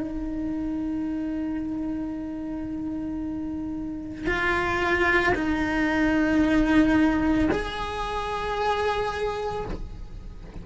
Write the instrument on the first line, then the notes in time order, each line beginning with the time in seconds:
cello
0.00 D#4
4.27 F4
5.35 D#4
7.51 G#4